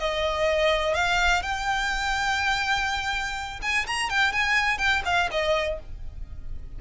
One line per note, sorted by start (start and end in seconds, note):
0.00 0.95 D#5
0.95 1.43 F5
1.43 3.60 G5
3.62 3.86 G#5
3.87 4.10 A#5
4.10 4.33 G5
4.33 4.79 G#5
4.79 5.03 G5
5.06 5.30 F5
5.31 5.80 D#5